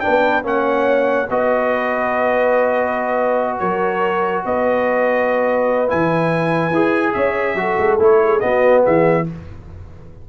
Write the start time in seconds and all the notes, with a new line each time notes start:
0.00 D4 B4 G5
0.07 B3
0.43 A#3 C#4 C#5 F#5
1.30 B3 F#4 B4 D#5
3.59 F#3 A#4 C#5
4.45 B3 B4 D#5
5.88 E3 E4 G#5
6.71 E4 G#4
7.13 C#4 C#5 E5
7.55 F#3 F#4 A4
7.78 G#3
7.99 A3 E4 C#5
8.23 G#4
8.40 B3 F#4 D#5
8.83 E3 G#4 E5